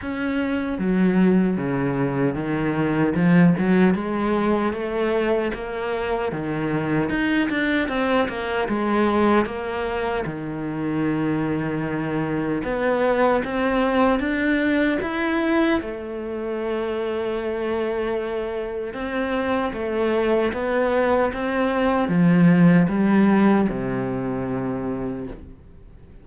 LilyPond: \new Staff \with { instrumentName = "cello" } { \time 4/4 \tempo 4 = 76 cis'4 fis4 cis4 dis4 | f8 fis8 gis4 a4 ais4 | dis4 dis'8 d'8 c'8 ais8 gis4 | ais4 dis2. |
b4 c'4 d'4 e'4 | a1 | c'4 a4 b4 c'4 | f4 g4 c2 | }